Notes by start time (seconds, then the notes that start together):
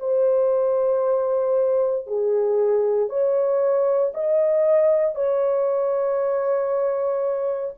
0.00 C5
2.07 G#4
3.09 C#5
4.14 D#5
5.15 C#5